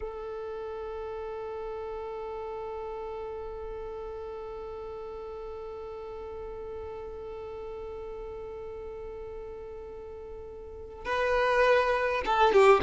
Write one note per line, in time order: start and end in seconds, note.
0.00 11.05 A4
11.05 12.21 B4
12.25 12.52 A4
12.52 12.81 G4